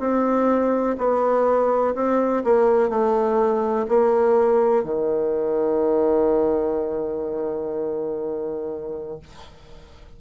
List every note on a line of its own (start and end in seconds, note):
0.00 0.97 C4
0.98 1.95 B3
1.95 2.44 C4
2.44 2.89 A#3
2.89 3.86 A3
3.88 4.84 A#3
4.84 9.19 D#3